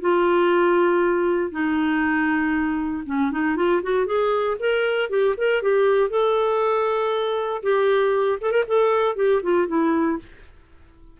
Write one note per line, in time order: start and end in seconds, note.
0.00 1.51 F4
1.51 3.03 D#4
3.05 3.31 C#4
3.31 3.56 D#4
3.56 3.81 F4
3.82 4.06 F#4
4.06 4.57 G#4
4.59 5.09 A#4
5.09 5.35 G4
5.37 5.62 A#4
5.62 6.09 G4
6.09 7.62 A4
7.62 8.39 G4
8.40 8.51 A4
8.51 8.63 A#4
8.67 9.15 A4
9.15 9.41 G4
9.42 9.67 F4
9.67 10.18 E4